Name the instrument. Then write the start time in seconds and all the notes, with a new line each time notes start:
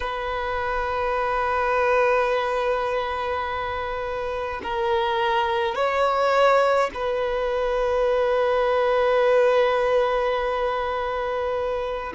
violin
0.00 B4
4.63 A#4
5.75 C#5
6.93 B4